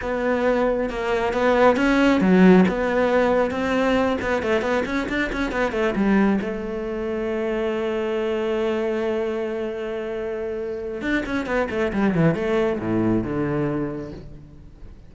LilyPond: \new Staff \with { instrumentName = "cello" } { \time 4/4 \tempo 4 = 136 b2 ais4 b4 | cis'4 fis4 b2 | c'4. b8 a8 b8 cis'8 d'8 | cis'8 b8 a8 g4 a4.~ |
a1~ | a1~ | a4 d'8 cis'8 b8 a8 g8 e8 | a4 a,4 d2 | }